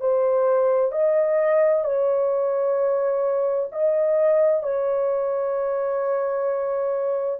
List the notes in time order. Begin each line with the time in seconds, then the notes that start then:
0.00 C5
0.91 D#5
1.84 C#5
3.72 D#5
4.63 C#5